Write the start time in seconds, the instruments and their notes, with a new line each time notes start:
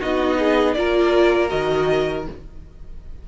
0.00 cello B3, viola D#4, violin F#4 D#5
0.39 violin G#4
0.73 cello A#3, viola F4, violin A#4 D5
1.49 cello D#3, viola F#4, violin D#5